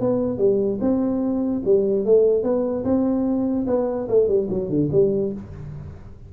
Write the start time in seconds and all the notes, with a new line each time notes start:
0.00 B3
0.38 G3
0.81 C4
1.65 G3
2.05 A3
2.43 B3
2.84 C4
3.67 B3
4.08 A3
4.28 G3
4.50 F#3
4.69 D3
4.92 G3